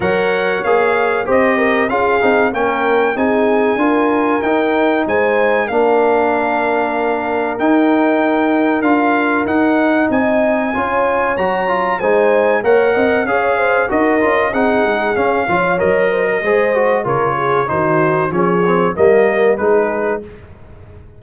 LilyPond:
<<
  \new Staff \with { instrumentName = "trumpet" } { \time 4/4 \tempo 4 = 95 fis''4 f''4 dis''4 f''4 | g''4 gis''2 g''4 | gis''4 f''2. | g''2 f''4 fis''4 |
gis''2 ais''4 gis''4 | fis''4 f''4 dis''4 fis''4 | f''4 dis''2 cis''4 | c''4 cis''4 dis''4 b'4 | }
  \new Staff \with { instrumentName = "horn" } { \time 4/4 cis''2 c''8 ais'8 gis'4 | ais'4 gis'4 ais'2 | c''4 ais'2.~ | ais'1 |
dis''4 cis''2 c''4 | cis''8 dis''8 cis''8 c''8 ais'4 gis'4~ | gis'8 cis''4 c''16 ais'16 c''4 ais'8 gis'8 | fis'4 gis'4 ais'4 gis'4 | }
  \new Staff \with { instrumentName = "trombone" } { \time 4/4 ais'4 gis'4 g'4 f'8 dis'8 | cis'4 dis'4 f'4 dis'4~ | dis'4 d'2. | dis'2 f'4 dis'4~ |
dis'4 f'4 fis'8 f'8 dis'4 | ais'4 gis'4 fis'8 f'8 dis'4 | cis'8 f'8 ais'4 gis'8 fis'8 f'4 | dis'4 cis'8 c'8 ais4 dis'4 | }
  \new Staff \with { instrumentName = "tuba" } { \time 4/4 fis4 ais4 c'4 cis'8 c'8 | ais4 c'4 d'4 dis'4 | gis4 ais2. | dis'2 d'4 dis'4 |
c'4 cis'4 fis4 gis4 | ais8 c'8 cis'4 dis'8 cis'8 c'8 gis8 | cis'8 f8 fis4 gis4 cis4 | dis4 f4 g4 gis4 | }
>>